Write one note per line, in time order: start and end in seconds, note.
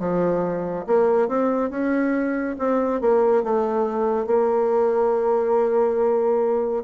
0.00 0.86 F3
0.87 1.29 A#3
1.29 1.71 C4
1.71 2.56 C#4
2.59 3.01 C4
3.01 3.44 A#3
3.44 4.27 A3
4.27 6.84 A#3